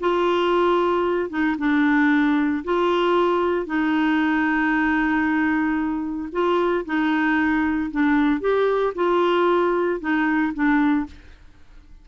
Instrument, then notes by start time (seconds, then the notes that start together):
clarinet
0.00 F4
1.29 D#4
1.58 D4
2.64 F4
3.66 D#4
6.32 F4
6.85 D#4
7.91 D4
8.40 G4
8.94 F4
10.00 D#4
10.53 D4